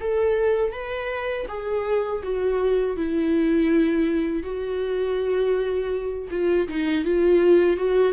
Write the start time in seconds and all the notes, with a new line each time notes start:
0.00 A4
0.72 B4
1.48 G#4
2.23 F#4
2.96 E4
4.43 F#4
6.31 F4
6.68 D#4
7.04 F4
7.77 F#4